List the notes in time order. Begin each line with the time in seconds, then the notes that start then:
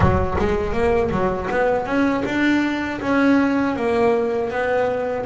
0.00 F#3
0.39 G#3
0.73 A#3
1.10 F#3
1.50 B3
1.85 C#4
2.25 D4
3.01 C#4
3.76 A#3
4.50 B3